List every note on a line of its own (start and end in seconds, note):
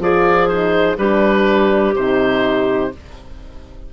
0.00 0.97 F3
0.00 0.48 F4
0.00 0.98 G#4
0.00 0.48 D5
0.48 0.97 D#4
0.48 0.97 C5
0.97 1.94 G3
0.97 1.96 D4
0.97 2.92 G4
0.97 1.95 B4
1.95 2.93 C3
1.95 2.93 D#4
1.95 2.92 C5